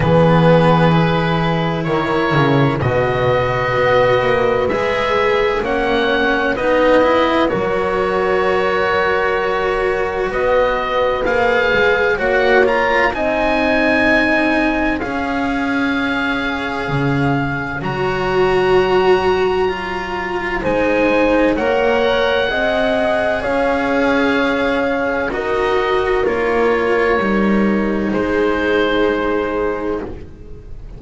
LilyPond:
<<
  \new Staff \with { instrumentName = "oboe" } { \time 4/4 \tempo 4 = 64 b'2 cis''4 dis''4~ | dis''4 e''4 fis''4 dis''4 | cis''2. dis''4 | f''4 fis''8 ais''8 gis''2 |
f''2. ais''4~ | ais''2 gis''4 fis''4~ | fis''4 f''2 dis''4 | cis''2 c''2 | }
  \new Staff \with { instrumentName = "horn" } { \time 4/4 gis'2 ais'4 b'4~ | b'2 cis''4 b'4 | ais'2. b'4~ | b'4 cis''4 dis''2 |
cis''1~ | cis''2 c''4 cis''4 | dis''4 cis''2 ais'4~ | ais'2 gis'2 | }
  \new Staff \with { instrumentName = "cello" } { \time 4/4 b4 e'2 fis'4~ | fis'4 gis'4 cis'4 dis'8 e'8 | fis'1 | gis'4 fis'8 f'8 dis'2 |
gis'2. fis'4~ | fis'4 f'4 dis'4 ais'4 | gis'2. fis'4 | f'4 dis'2. | }
  \new Staff \with { instrumentName = "double bass" } { \time 4/4 e2 dis8 cis8 b,4 | b8 ais8 gis4 ais4 b4 | fis2. b4 | ais8 gis8 ais4 c'2 |
cis'2 cis4 fis4~ | fis2 gis4 ais4 | c'4 cis'2 dis'4 | ais4 g4 gis2 | }
>>